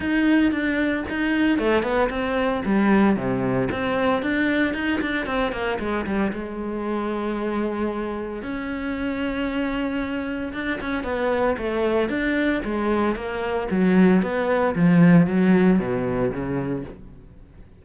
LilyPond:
\new Staff \with { instrumentName = "cello" } { \time 4/4 \tempo 4 = 114 dis'4 d'4 dis'4 a8 b8 | c'4 g4 c4 c'4 | d'4 dis'8 d'8 c'8 ais8 gis8 g8 | gis1 |
cis'1 | d'8 cis'8 b4 a4 d'4 | gis4 ais4 fis4 b4 | f4 fis4 b,4 cis4 | }